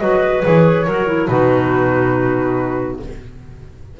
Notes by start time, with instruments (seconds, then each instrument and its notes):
0.00 double bass F#3, clarinet F#4 B4, flute D#5
0.43 double bass E3, clarinet G#4, flute C#5
0.87 double bass F#3, clarinet F#4 A#4
1.07 clarinet E4
1.27 double bass B2, clarinet D#4 F#4, flute B4